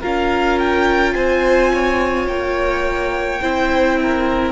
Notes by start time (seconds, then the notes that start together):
0.00 C#4 F4 A#4 F5
0.59 G5
1.14 C4 C5 G#5
1.73 C#5
2.27 A#3 G5
3.42 C4 E4 C5
4.02 A#4